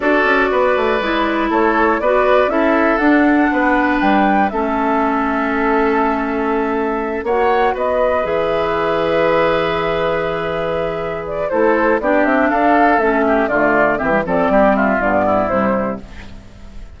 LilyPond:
<<
  \new Staff \with { instrumentName = "flute" } { \time 4/4 \tempo 4 = 120 d''2. cis''4 | d''4 e''4 fis''2 | g''4 e''2.~ | e''2~ e''8 fis''4 dis''8~ |
dis''8 e''2.~ e''8~ | e''2~ e''8 d''8 c''4 | d''8 e''8 f''4 e''4 d''4 | e''8 d''4 e''8 d''4 c''4 | }
  \new Staff \with { instrumentName = "oboe" } { \time 4/4 a'4 b'2 a'4 | b'4 a'2 b'4~ | b'4 a'2.~ | a'2~ a'8 cis''4 b'8~ |
b'1~ | b'2. a'4 | g'4 a'4. g'8 f'4 | g'8 a'8 g'8 f'4 e'4. | }
  \new Staff \with { instrumentName = "clarinet" } { \time 4/4 fis'2 e'2 | fis'4 e'4 d'2~ | d'4 cis'2.~ | cis'2~ cis'8 fis'4.~ |
fis'8 gis'2.~ gis'8~ | gis'2. e'4 | d'2 cis'4 a4 | c'16 g16 c'4. b4 g4 | }
  \new Staff \with { instrumentName = "bassoon" } { \time 4/4 d'8 cis'8 b8 a8 gis4 a4 | b4 cis'4 d'4 b4 | g4 a2.~ | a2~ a8 ais4 b8~ |
b8 e2.~ e8~ | e2. a4 | b8 c'8 d'4 a4 d4 | e8 f8 g4 g,4 c4 | }
>>